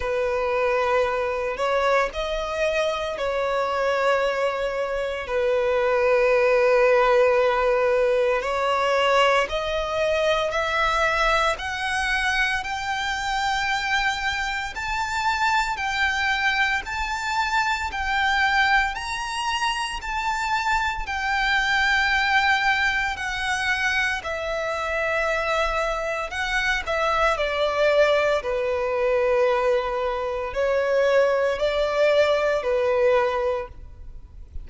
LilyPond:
\new Staff \with { instrumentName = "violin" } { \time 4/4 \tempo 4 = 57 b'4. cis''8 dis''4 cis''4~ | cis''4 b'2. | cis''4 dis''4 e''4 fis''4 | g''2 a''4 g''4 |
a''4 g''4 ais''4 a''4 | g''2 fis''4 e''4~ | e''4 fis''8 e''8 d''4 b'4~ | b'4 cis''4 d''4 b'4 | }